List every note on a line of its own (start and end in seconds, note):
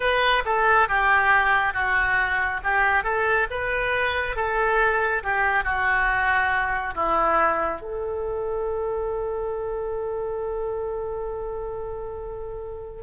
0.00 0.43 B4
0.45 0.88 A4
0.88 1.74 G4
1.74 2.60 F#4
2.63 3.03 G4
3.03 3.47 A4
3.50 4.36 B4
4.36 5.23 A4
5.23 5.63 G4
5.63 6.94 F#4
6.94 7.81 E4
7.81 13.02 A4